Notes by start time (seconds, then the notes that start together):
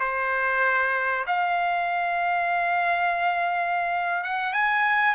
0.00 C5
1.27 F5
4.24 F#5
4.53 G#5